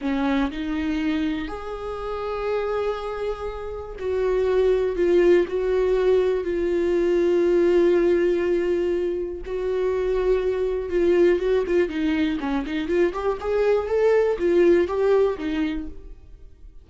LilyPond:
\new Staff \with { instrumentName = "viola" } { \time 4/4 \tempo 4 = 121 cis'4 dis'2 gis'4~ | gis'1 | fis'2 f'4 fis'4~ | fis'4 f'2.~ |
f'2. fis'4~ | fis'2 f'4 fis'8 f'8 | dis'4 cis'8 dis'8 f'8 g'8 gis'4 | a'4 f'4 g'4 dis'4 | }